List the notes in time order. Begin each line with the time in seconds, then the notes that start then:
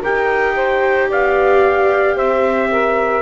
0.00 D#4 G4 A#4 G5
0.55 C5
1.08 B3 D5 F5
2.15 C4 C5 E5
2.71 A#4